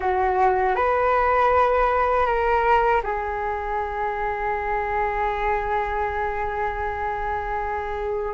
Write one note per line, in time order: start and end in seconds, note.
0.00 0.75 F#4
0.75 2.26 B4
2.26 3.02 A#4
3.03 8.33 G#4